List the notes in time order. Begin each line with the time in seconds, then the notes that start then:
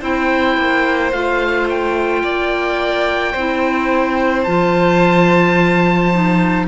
0.00 C4 E4 C5 G5
0.57 A#3
1.12 A3 F4 F5
1.69 G5
2.23 A#3 D5
3.32 C4 E4 C5
4.44 F3 F4 A5
6.12 D#4